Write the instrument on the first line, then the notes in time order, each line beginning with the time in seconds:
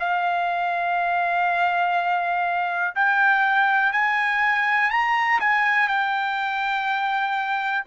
trumpet
0.00 F5
2.96 G5
3.93 G#5
4.91 A#5
5.41 G#5
5.88 G5